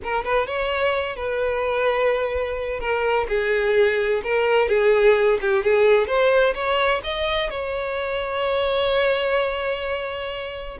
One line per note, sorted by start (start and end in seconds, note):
0.03 0.24 A#4
0.24 0.46 B4
0.46 1.15 C#5
1.15 2.80 B4
2.80 3.27 A#4
3.28 4.22 G#4
4.23 4.68 A#4
4.68 5.38 G#4
5.41 5.63 G4
5.63 6.07 G#4
6.07 6.54 C5
6.54 7.01 C#5
7.03 7.50 D#5
7.50 10.78 C#5